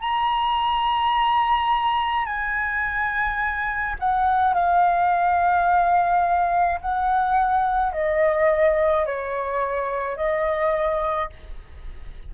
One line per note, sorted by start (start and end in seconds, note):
0.00 2.25 A#5
2.25 3.95 G#5
3.99 4.54 F#5
4.54 6.80 F5
6.81 7.92 F#5
7.92 9.06 D#5
9.06 10.17 C#5
10.17 11.30 D#5